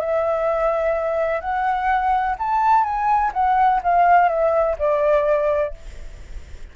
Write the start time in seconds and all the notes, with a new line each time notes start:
0.00 E5
1.40 F#5
2.38 A5
2.84 G#5
3.33 F#5
3.83 F5
4.28 E5
4.78 D5